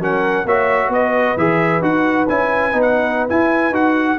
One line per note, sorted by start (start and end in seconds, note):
0.00 0.45 F#3
0.00 0.47 C#4
0.00 0.47 A#4
0.00 0.48 F#5
0.45 0.89 A#3
0.45 1.38 F#4
0.45 0.92 C#5
0.45 0.93 E5
0.89 1.35 B3
0.89 4.19 B4
0.89 1.38 D#5
1.37 1.82 E3
1.37 1.82 G#4
1.37 1.83 E5
1.82 2.27 D#4
1.82 2.27 F#4
1.82 2.29 F#5
2.29 2.74 C#4
2.29 2.73 E4
2.29 2.82 G#5
2.73 3.30 B3
2.73 3.29 D#4
2.82 3.27 F#5
3.29 3.73 E4
3.29 3.71 E4
3.29 3.75 G#5
3.71 4.16 D#4
3.71 4.18 F#4
3.71 4.19 F#5